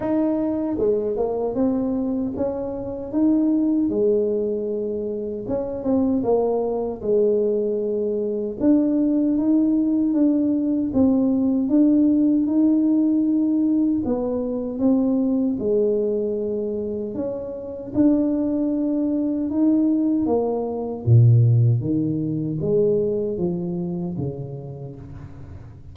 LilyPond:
\new Staff \with { instrumentName = "tuba" } { \time 4/4 \tempo 4 = 77 dis'4 gis8 ais8 c'4 cis'4 | dis'4 gis2 cis'8 c'8 | ais4 gis2 d'4 | dis'4 d'4 c'4 d'4 |
dis'2 b4 c'4 | gis2 cis'4 d'4~ | d'4 dis'4 ais4 ais,4 | dis4 gis4 f4 cis4 | }